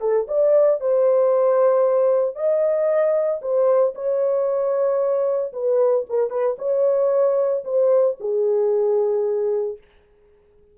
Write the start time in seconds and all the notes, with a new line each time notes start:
0.00 A4
0.27 D5
0.80 C5
2.35 D#5
3.41 C5
3.94 C#5
5.52 B4
6.09 A#4
6.30 B4
6.58 C#5
7.64 C5
8.20 G#4